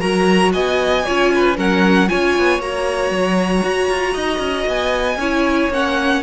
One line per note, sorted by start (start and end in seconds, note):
0.00 0.54 F#3
0.00 1.03 F#4
0.00 0.52 A#4
0.00 0.52 A#5
0.52 1.06 B3
0.52 1.05 D#5
0.52 1.56 G#5
1.06 1.58 C#4
1.06 1.56 F4
1.06 1.32 C#5
1.35 1.57 B4
1.56 2.09 F#3
1.56 2.07 C#4
1.56 2.09 A#4
1.56 2.09 F#5
2.08 2.38 C#4
2.08 2.59 F4
2.08 4.14 C#5
2.08 2.61 G#5
2.38 2.59 B3
2.59 3.10 A#3
2.59 5.18 F#4
2.59 4.68 A#5
3.10 3.62 F#3
3.63 3.89 F#4
3.89 4.15 F4
4.14 4.39 D#4
4.14 5.17 D#5
4.39 4.65 C#4
4.67 5.16 B3
4.67 5.72 G#5
5.16 5.68 C#4
5.16 5.71 E4
5.16 6.23 C#5
5.69 6.21 A#3
5.69 6.23 C#4
5.69 6.23 F#5